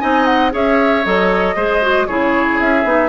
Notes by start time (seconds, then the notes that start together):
0.00 C4 D#4 D#5 G#5
0.26 F#5
0.51 C#4 G#4 C#5 E5
1.05 F#3 A4 D#5
1.56 G#3 G#4 C5
1.82 F#4
2.07 C#3 E4 G#4 C#5
2.60 C#4 E5
2.84 B3 D#4